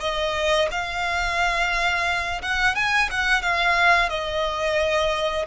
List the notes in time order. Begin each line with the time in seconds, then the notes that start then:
0.00 D#5
0.71 F5
2.42 F#5
2.75 G#5
3.11 F#5
3.42 F5
4.09 D#5